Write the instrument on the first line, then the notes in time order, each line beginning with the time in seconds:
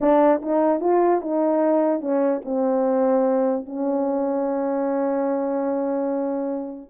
horn
0.01 D4
0.42 D#4
0.80 F4
1.21 D#4
2.00 C#4
2.45 C4
3.65 C#4